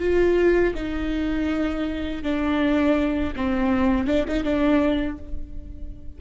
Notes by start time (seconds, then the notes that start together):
0.00 F4
0.75 D#4
2.23 D4
3.36 C4
4.07 D4
4.28 D#4
4.44 D4